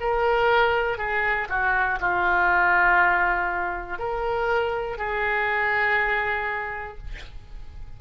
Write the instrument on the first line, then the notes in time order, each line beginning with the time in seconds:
oboe
0.00 A#4
0.98 G#4
1.49 F#4
2.00 F4
3.99 A#4
4.97 G#4